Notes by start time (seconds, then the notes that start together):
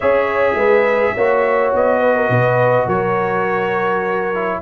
0.00 C#4 G#4 C#5 E5
0.54 G#3 B4
1.14 A#3 F#4 C#5
1.73 B3 D#5
2.00 B4
2.15 A#4
2.29 B2 B4
2.86 F#3 A#4 C#5
4.34 E4